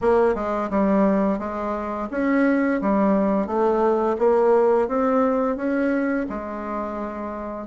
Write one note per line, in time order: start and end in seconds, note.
0.01 0.34 A#3
0.34 0.69 G#3
0.70 1.38 G3
1.38 2.08 G#3
2.11 2.80 C#4
2.81 3.46 G3
3.46 4.16 A3
4.18 4.87 A#3
4.87 5.56 C4
5.56 6.26 C#4
6.29 7.67 G#3